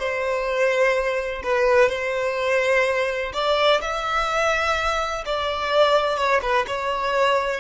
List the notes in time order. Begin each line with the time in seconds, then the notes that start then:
0.00 C5
1.44 B4
1.90 C5
3.33 D5
3.81 E5
5.26 D5
6.17 C#5
6.42 B4
6.68 C#5